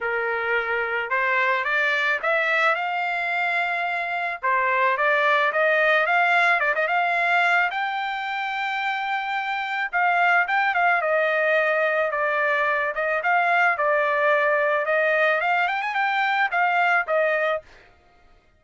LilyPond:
\new Staff \with { instrumentName = "trumpet" } { \time 4/4 \tempo 4 = 109 ais'2 c''4 d''4 | e''4 f''2. | c''4 d''4 dis''4 f''4 | d''16 dis''16 f''4. g''2~ |
g''2 f''4 g''8 f''8 | dis''2 d''4. dis''8 | f''4 d''2 dis''4 | f''8 g''16 gis''16 g''4 f''4 dis''4 | }